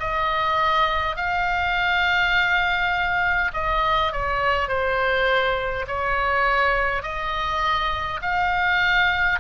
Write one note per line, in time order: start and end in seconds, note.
0.00 1.16 D#5
1.16 3.51 F5
3.53 4.12 D#5
4.12 4.68 C#5
4.68 5.86 C5
5.87 7.03 C#5
7.03 8.20 D#5
8.22 9.40 F5